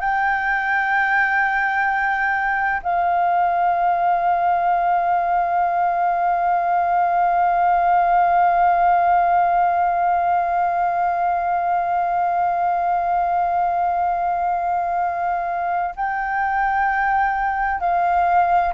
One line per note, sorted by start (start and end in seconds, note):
0.00 2.81 G5
2.83 15.95 F5
15.96 17.80 G5
17.80 18.74 F5